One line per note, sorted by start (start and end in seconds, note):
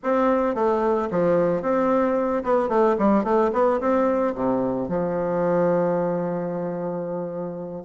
0.03 0.54 C4
0.54 1.08 A3
1.11 1.62 F3
1.62 2.43 C4
2.43 2.69 B3
2.69 2.96 A3
2.98 3.24 G3
3.24 3.51 A3
3.53 3.80 B3
3.80 4.34 C4
4.34 4.88 C3
4.88 7.84 F3